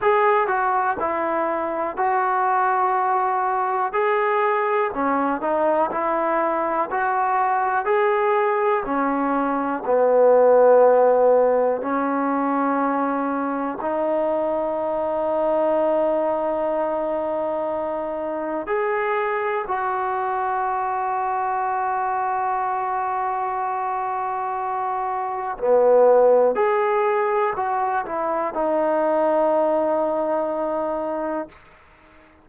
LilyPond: \new Staff \with { instrumentName = "trombone" } { \time 4/4 \tempo 4 = 61 gis'8 fis'8 e'4 fis'2 | gis'4 cis'8 dis'8 e'4 fis'4 | gis'4 cis'4 b2 | cis'2 dis'2~ |
dis'2. gis'4 | fis'1~ | fis'2 b4 gis'4 | fis'8 e'8 dis'2. | }